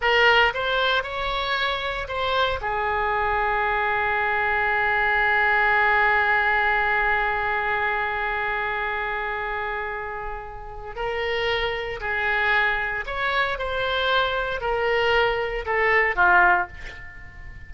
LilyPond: \new Staff \with { instrumentName = "oboe" } { \time 4/4 \tempo 4 = 115 ais'4 c''4 cis''2 | c''4 gis'2.~ | gis'1~ | gis'1~ |
gis'1~ | gis'4 ais'2 gis'4~ | gis'4 cis''4 c''2 | ais'2 a'4 f'4 | }